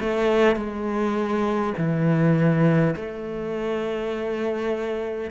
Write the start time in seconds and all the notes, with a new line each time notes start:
0.00 A3
0.56 G#3
1.78 E3
2.96 A3